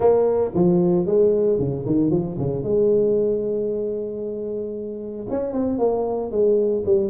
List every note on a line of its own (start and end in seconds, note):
0.00 0.51 A#3
0.54 1.06 F3
1.06 1.58 G#3
1.58 1.84 C#3
1.85 2.10 D#3
2.10 2.36 F3
2.38 2.63 C#3
2.63 5.26 G#3
5.30 5.53 C#4
5.53 5.78 C4
5.78 6.31 A#3
6.31 6.83 G#3
6.85 7.10 G3